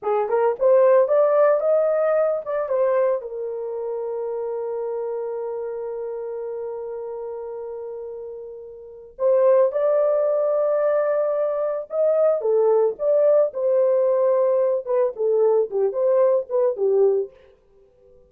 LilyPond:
\new Staff \with { instrumentName = "horn" } { \time 4/4 \tempo 4 = 111 gis'8 ais'8 c''4 d''4 dis''4~ | dis''8 d''8 c''4 ais'2~ | ais'1~ | ais'1~ |
ais'4 c''4 d''2~ | d''2 dis''4 a'4 | d''4 c''2~ c''8 b'8 | a'4 g'8 c''4 b'8 g'4 | }